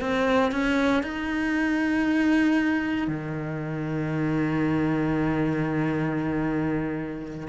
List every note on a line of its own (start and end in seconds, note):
0.00 0.51 C4
0.51 1.03 C#4
1.03 3.08 D#4
3.08 7.47 D#3